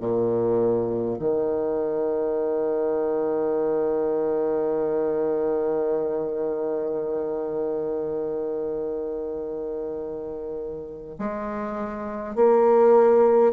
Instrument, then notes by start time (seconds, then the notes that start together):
bassoon
0.00 A#2
1.19 D#3
11.19 G#3
12.35 A#3